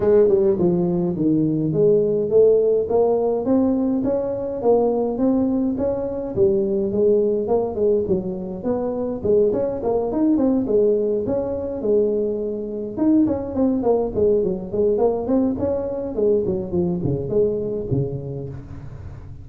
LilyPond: \new Staff \with { instrumentName = "tuba" } { \time 4/4 \tempo 4 = 104 gis8 g8 f4 dis4 gis4 | a4 ais4 c'4 cis'4 | ais4 c'4 cis'4 g4 | gis4 ais8 gis8 fis4 b4 |
gis8 cis'8 ais8 dis'8 c'8 gis4 cis'8~ | cis'8 gis2 dis'8 cis'8 c'8 | ais8 gis8 fis8 gis8 ais8 c'8 cis'4 | gis8 fis8 f8 cis8 gis4 cis4 | }